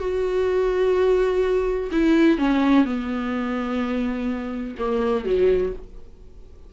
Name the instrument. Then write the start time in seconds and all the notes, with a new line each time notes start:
viola
0.00 F#4
1.92 E4
2.38 C#4
2.85 B3
4.79 A#3
5.26 F#3